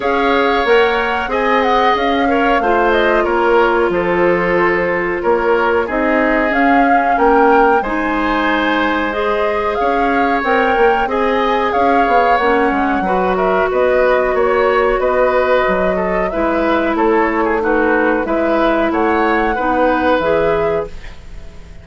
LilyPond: <<
  \new Staff \with { instrumentName = "flute" } { \time 4/4 \tempo 4 = 92 f''4 fis''4 gis''8 fis''8 f''4~ | f''8 dis''8 cis''4 c''2 | cis''4 dis''4 f''4 g''4 | gis''2 dis''4 f''4 |
g''4 gis''4 f''4 fis''4~ | fis''8 e''8 dis''4 cis''4 dis''4~ | dis''4 e''4 cis''4 b'4 | e''4 fis''2 e''4 | }
  \new Staff \with { instrumentName = "oboe" } { \time 4/4 cis''2 dis''4. cis''8 | c''4 ais'4 a'2 | ais'4 gis'2 ais'4 | c''2. cis''4~ |
cis''4 dis''4 cis''2 | b'8 ais'8 b'4 cis''4 b'4~ | b'8 a'8 b'4 a'8. gis'16 fis'4 | b'4 cis''4 b'2 | }
  \new Staff \with { instrumentName = "clarinet" } { \time 4/4 gis'4 ais'4 gis'4. ais'8 | f'1~ | f'4 dis'4 cis'2 | dis'2 gis'2 |
ais'4 gis'2 cis'4 | fis'1~ | fis'4 e'2 dis'4 | e'2 dis'4 gis'4 | }
  \new Staff \with { instrumentName = "bassoon" } { \time 4/4 cis'4 ais4 c'4 cis'4 | a4 ais4 f2 | ais4 c'4 cis'4 ais4 | gis2. cis'4 |
c'8 ais8 c'4 cis'8 b8 ais8 gis8 | fis4 b4 ais4 b4 | fis4 gis4 a2 | gis4 a4 b4 e4 | }
>>